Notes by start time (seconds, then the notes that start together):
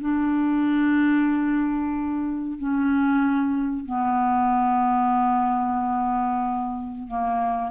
0.00 D4
2.57 C#4
3.85 B3
7.07 A#3